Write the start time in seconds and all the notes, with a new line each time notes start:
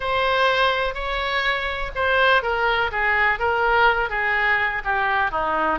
0.00 C5
0.94 C#5
1.95 C5
2.42 A#4
2.91 G#4
3.39 A#4
4.09 G#4
4.84 G4
5.31 D#4